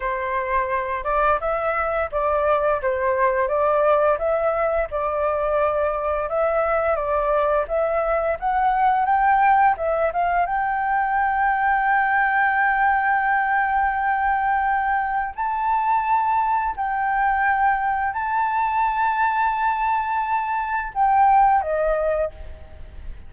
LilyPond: \new Staff \with { instrumentName = "flute" } { \time 4/4 \tempo 4 = 86 c''4. d''8 e''4 d''4 | c''4 d''4 e''4 d''4~ | d''4 e''4 d''4 e''4 | fis''4 g''4 e''8 f''8 g''4~ |
g''1~ | g''2 a''2 | g''2 a''2~ | a''2 g''4 dis''4 | }